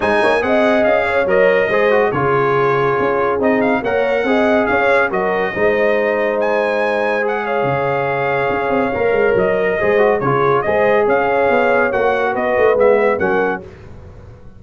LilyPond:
<<
  \new Staff \with { instrumentName = "trumpet" } { \time 4/4 \tempo 4 = 141 gis''4 fis''4 f''4 dis''4~ | dis''4 cis''2. | dis''8 f''8 fis''2 f''4 | dis''2. gis''4~ |
gis''4 fis''8 f''2~ f''8~ | f''2 dis''2 | cis''4 dis''4 f''2 | fis''4 dis''4 e''4 fis''4 | }
  \new Staff \with { instrumentName = "horn" } { \time 4/4 c''8 cis''8 dis''4. cis''4. | c''4 gis'2.~ | gis'4 cis''4 dis''4 cis''4 | ais'4 c''2.~ |
c''4. cis''2~ cis''8~ | cis''2. c''4 | gis'4 c''4 cis''2~ | cis''4 b'2 ais'4 | }
  \new Staff \with { instrumentName = "trombone" } { \time 4/4 dis'4 gis'2 ais'4 | gis'8 fis'8 f'2. | dis'4 ais'4 gis'2 | fis'4 dis'2.~ |
dis'4 gis'2.~ | gis'4 ais'2 gis'8 fis'8 | f'4 gis'2. | fis'2 b4 cis'4 | }
  \new Staff \with { instrumentName = "tuba" } { \time 4/4 gis8 ais8 c'4 cis'4 fis4 | gis4 cis2 cis'4 | c'4 ais4 c'4 cis'4 | fis4 gis2.~ |
gis2 cis2 | cis'8 c'8 ais8 gis8 fis4 gis4 | cis4 gis4 cis'4 b4 | ais4 b8 a8 gis4 fis4 | }
>>